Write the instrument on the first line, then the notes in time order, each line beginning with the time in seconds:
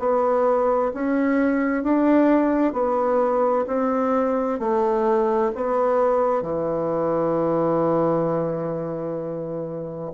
bassoon
0.00 B3
0.94 C#4
1.84 D4
2.73 B3
3.68 C4
4.60 A3
5.56 B3
6.42 E3